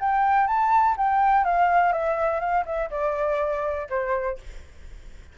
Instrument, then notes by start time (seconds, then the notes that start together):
flute
0.00 G5
0.48 A5
0.98 G5
1.45 F5
1.93 E5
2.41 F5
2.66 E5
2.91 D5
3.90 C5